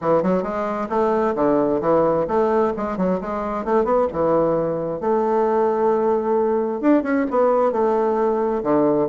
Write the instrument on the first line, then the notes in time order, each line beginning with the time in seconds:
bassoon
0.01 E3
0.22 F#3
0.42 G#3
0.89 A3
1.35 D3
1.80 E3
2.27 A3
2.76 G#3
2.97 F#3
3.20 G#3
3.64 A3
3.84 B3
4.12 E3
5.00 A3
6.81 D4
7.02 C#4
7.30 B3
7.71 A3
8.63 D3